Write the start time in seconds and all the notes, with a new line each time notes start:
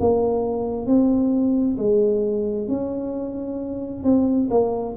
0.00 A#3
0.86 C4
1.78 G#3
2.68 C#4
4.04 C4
4.50 A#3